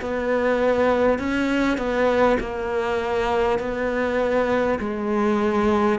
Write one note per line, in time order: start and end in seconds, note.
0.00 1.18 B3
1.18 1.77 C#4
1.77 2.37 B3
2.40 3.58 A#3
3.58 4.78 B3
4.79 5.99 G#3